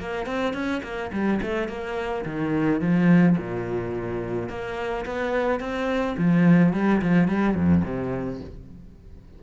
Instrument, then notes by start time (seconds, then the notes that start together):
cello
0.00 A#3
0.26 C4
0.54 C#4
0.84 A#3
1.13 G3
1.42 A3
1.69 A#3
2.26 D#3
2.81 F3
3.38 A#2
4.49 A#3
5.06 B3
5.60 C4
6.18 F3
6.74 G3
7.02 F3
7.28 G3
7.55 F2
7.85 C3